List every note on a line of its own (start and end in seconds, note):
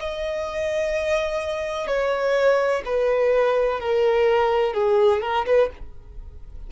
0.00 1.87 D#5
1.87 2.83 C#5
2.85 3.80 B4
3.80 4.74 A#4
4.74 5.22 G#4
5.22 5.45 A#4
5.46 5.70 B4